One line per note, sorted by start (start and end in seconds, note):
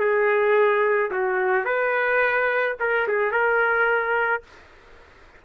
0.00 1.11 G#4
1.12 1.65 F#4
1.65 2.76 B4
2.80 3.08 A#4
3.08 3.32 G#4
3.32 4.43 A#4